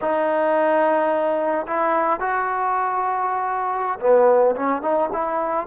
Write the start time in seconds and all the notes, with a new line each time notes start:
0.01 D#4
1.67 E4
2.20 F#4
4.00 B3
4.55 C#4
4.82 D#4
5.12 E4